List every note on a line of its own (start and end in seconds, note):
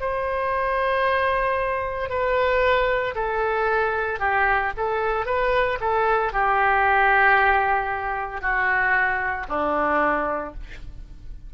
0.00 2.10 C5
2.10 3.15 B4
3.15 4.20 A4
4.20 4.72 G4
4.77 5.26 A4
5.26 5.78 B4
5.80 6.33 A4
6.33 8.41 G4
8.41 9.46 F#4
9.48 10.54 D4